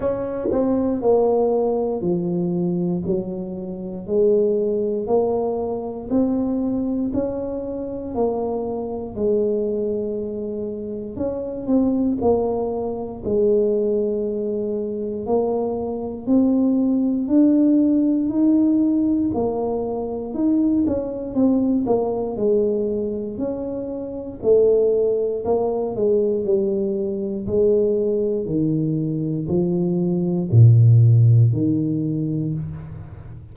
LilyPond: \new Staff \with { instrumentName = "tuba" } { \time 4/4 \tempo 4 = 59 cis'8 c'8 ais4 f4 fis4 | gis4 ais4 c'4 cis'4 | ais4 gis2 cis'8 c'8 | ais4 gis2 ais4 |
c'4 d'4 dis'4 ais4 | dis'8 cis'8 c'8 ais8 gis4 cis'4 | a4 ais8 gis8 g4 gis4 | dis4 f4 ais,4 dis4 | }